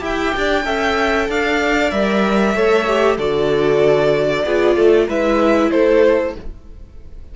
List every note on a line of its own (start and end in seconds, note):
0.00 0.33 E4
0.00 0.63 G4
0.00 0.35 E5
0.00 1.31 G5
0.37 0.65 D4
0.37 0.66 D5
0.65 1.29 C#4
0.65 1.92 A4
0.65 1.29 E5
1.29 1.92 D4
1.29 2.56 D5
1.29 1.91 F5
1.91 2.55 G3
1.91 2.55 A#4
1.91 3.17 E5
2.55 3.18 A3
2.55 2.87 A4
2.55 3.18 C#5
2.88 3.19 G4
3.18 4.45 D3
3.18 4.46 F#4
3.18 4.44 A4
3.18 5.09 D5
4.46 4.77 B3
4.46 5.10 F4
4.46 4.77 G#4
4.77 5.08 A3
4.77 5.08 A4
5.08 5.72 G#3
5.08 6.36 E4
5.08 5.71 B4
5.08 5.72 E5
5.72 6.36 A3
5.72 6.35 A4
5.72 6.35 C5